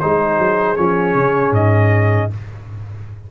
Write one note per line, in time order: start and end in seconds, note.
0.00 0.38 G#3
0.00 0.77 D#4
0.00 2.31 G#4
0.00 0.77 C5
0.38 0.77 F#3
0.77 1.14 F3
0.77 2.31 C#4
0.77 1.54 C#5
1.14 1.52 C#3
1.52 2.29 G#2
1.52 2.31 D#5